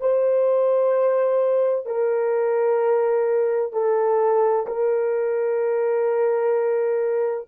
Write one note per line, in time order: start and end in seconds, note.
0.00 1.85 C5
1.85 3.72 A#4
3.72 4.66 A4
4.66 7.47 A#4